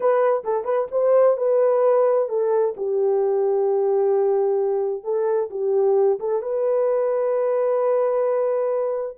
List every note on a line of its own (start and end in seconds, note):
0.00 0.43 B4
0.44 0.64 A4
0.64 0.87 B4
0.91 1.37 C5
1.37 2.28 B4
2.28 2.74 A4
2.76 5.03 G4
5.03 5.49 A4
5.50 6.19 G4
6.19 6.42 A4
6.42 9.16 B4